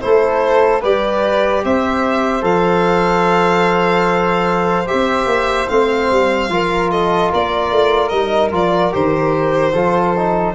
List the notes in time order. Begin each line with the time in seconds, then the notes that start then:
0.00 A3 E4 A4 C5
0.80 G3 G4 B4 D5
1.64 C4 C5 E5
2.41 F3 A4 F5
4.86 G4 E5
4.93 C4
5.26 A#3
5.68 A3 C4 F5
6.10 G3
6.48 F3 F4 A#4
6.91 A4 D#5
7.30 A#3 A#4 D5
7.71 A3
8.08 G3 D#4 D#5
8.51 F3 F4 D5
8.91 D#3 G4 C5
9.72 F3 F4 A4
10.16 D#4